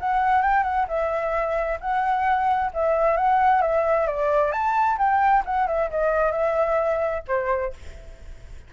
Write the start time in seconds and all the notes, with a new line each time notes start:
0.00 F#5
0.42 G5
0.63 F#5
0.88 E5
1.80 F#5
2.74 E5
3.17 F#5
3.62 E5
4.07 D5
4.52 A5
4.98 G5
5.45 F#5
5.68 E5
5.90 D#5
6.32 E5
7.28 C5